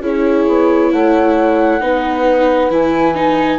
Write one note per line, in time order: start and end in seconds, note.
0.00 0.45 C#4
0.00 1.81 E4
0.00 0.92 G#4
0.00 0.93 C#5
0.48 0.93 B3
0.92 1.81 A3
0.92 1.81 C#5
0.92 2.72 F#5
1.81 2.70 B3
1.81 2.71 D#4
1.81 3.59 B4
2.70 3.59 E3
2.70 3.15 E4
2.70 3.59 G#5
3.15 3.59 D#4